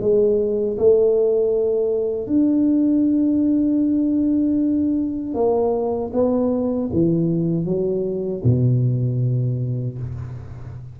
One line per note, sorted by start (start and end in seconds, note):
0.00 0.77 G#3
0.78 2.26 A3
2.26 5.34 D4
5.34 6.11 A#3
6.13 6.90 B3
6.92 7.65 E3
7.65 8.42 F#3
8.44 9.98 B2